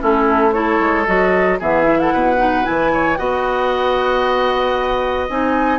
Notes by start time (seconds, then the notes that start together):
0.00 A3 C#4 E4 A4
0.53 E4 A4 C#5
0.80 G#3
1.07 F#3 F#4 D#5
1.60 E3 B3 G#4 E5
1.83 E4
2.00 A4 F#5
2.13 B2 B4
2.38 D#4
2.64 E3 E4 G#5
2.93 C#5
3.17 B3 F#4 D#5 F#5
5.29 C4 D#4 G#5